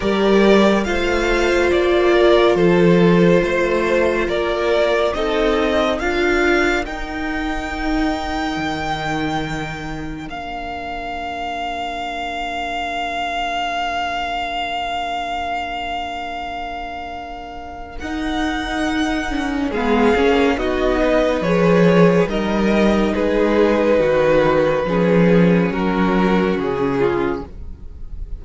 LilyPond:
<<
  \new Staff \with { instrumentName = "violin" } { \time 4/4 \tempo 4 = 70 d''4 f''4 d''4 c''4~ | c''4 d''4 dis''4 f''4 | g''1 | f''1~ |
f''1~ | f''4 fis''2 f''4 | dis''4 cis''4 dis''4 b'4~ | b'2 ais'4 gis'4 | }
  \new Staff \with { instrumentName = "violin" } { \time 4/4 ais'4 c''4. ais'8 a'4 | c''4 ais'4 a'4 ais'4~ | ais'1~ | ais'1~ |
ais'1~ | ais'2. gis'4 | fis'8 b'4. ais'4 gis'4 | fis'4 gis'4 fis'4. f'8 | }
  \new Staff \with { instrumentName = "viola" } { \time 4/4 g'4 f'2.~ | f'2 dis'4 f'4 | dis'1 | d'1~ |
d'1~ | d'4 dis'4. cis'8 b8 cis'8 | dis'4 gis'4 dis'2~ | dis'4 cis'2. | }
  \new Staff \with { instrumentName = "cello" } { \time 4/4 g4 a4 ais4 f4 | a4 ais4 c'4 d'4 | dis'2 dis2 | ais1~ |
ais1~ | ais4 dis'2 gis8 ais8 | b4 f4 g4 gis4 | dis4 f4 fis4 cis4 | }
>>